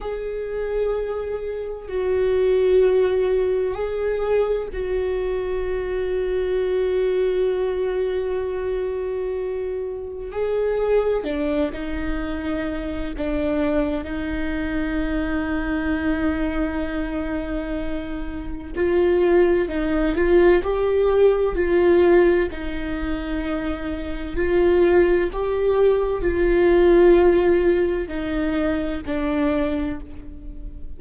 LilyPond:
\new Staff \with { instrumentName = "viola" } { \time 4/4 \tempo 4 = 64 gis'2 fis'2 | gis'4 fis'2.~ | fis'2. gis'4 | d'8 dis'4. d'4 dis'4~ |
dis'1 | f'4 dis'8 f'8 g'4 f'4 | dis'2 f'4 g'4 | f'2 dis'4 d'4 | }